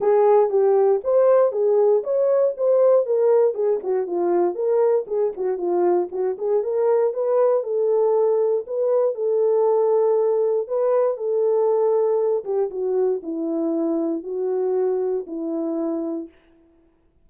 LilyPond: \new Staff \with { instrumentName = "horn" } { \time 4/4 \tempo 4 = 118 gis'4 g'4 c''4 gis'4 | cis''4 c''4 ais'4 gis'8 fis'8 | f'4 ais'4 gis'8 fis'8 f'4 | fis'8 gis'8 ais'4 b'4 a'4~ |
a'4 b'4 a'2~ | a'4 b'4 a'2~ | a'8 g'8 fis'4 e'2 | fis'2 e'2 | }